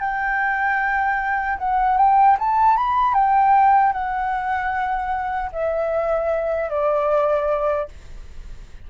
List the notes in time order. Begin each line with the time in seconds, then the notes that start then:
0.00 G5
1.58 F#5
1.97 G5
2.39 A5
2.76 B5
3.14 G5
3.92 F#5
5.52 E5
6.69 D5